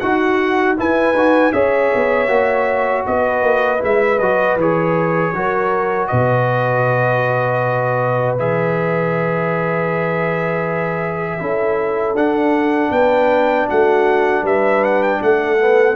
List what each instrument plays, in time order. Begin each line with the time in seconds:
0.00 tuba D#4, trombone F#4, horn F#4, trumpet F#5
0.78 trombone E4, tuba E4, horn B4, trumpet G#5
1.14 tuba D#4, trombone F#4
1.53 tuba C#4, trombone G#4, horn C#5, trumpet E5
1.95 tuba B3
2.28 tuba A#3, trombone F#4
3.07 tuba B3, horn B4, trumpet D#5
3.43 tuba A#3
3.79 tuba G#3, trombone E4, trumpet E5
4.19 tuba F#3, trombone F#4, trumpet D#5
4.56 tuba E3, trombone G#4, trumpet C#5
5.34 tuba F#3, trombone F#4, horn A#4
6.07 tuba B2, horn B4, trumpet D#5
8.38 tuba E3, trombone G#4, trumpet E5
11.40 tuba C#4, trombone E4, horn A4
12.14 tuba D4, trombone D4, trumpet F#5
12.91 tuba B3, horn B4, trumpet G5
13.69 tuba A3, horn F#4, trumpet F#5
14.43 tuba G3, horn B4, trumpet E5
14.84 trumpet F#5
15.03 trumpet G5
15.22 tuba A3, horn A4, trumpet F#5
15.59 trombone B3